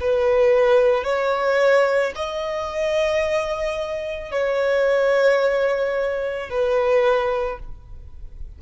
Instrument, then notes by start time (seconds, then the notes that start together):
violin
0.00 B4
1.04 C#5
2.15 D#5
4.31 C#5
6.50 B4